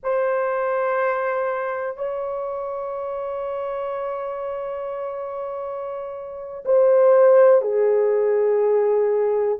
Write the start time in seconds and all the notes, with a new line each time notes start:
0.03 C5
1.97 C#5
6.65 C5
7.61 G#4